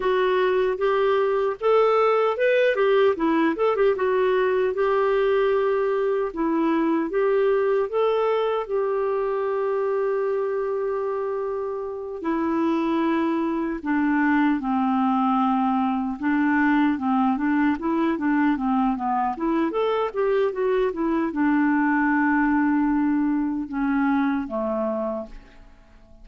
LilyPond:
\new Staff \with { instrumentName = "clarinet" } { \time 4/4 \tempo 4 = 76 fis'4 g'4 a'4 b'8 g'8 | e'8 a'16 g'16 fis'4 g'2 | e'4 g'4 a'4 g'4~ | g'2.~ g'8 e'8~ |
e'4. d'4 c'4.~ | c'8 d'4 c'8 d'8 e'8 d'8 c'8 | b8 e'8 a'8 g'8 fis'8 e'8 d'4~ | d'2 cis'4 a4 | }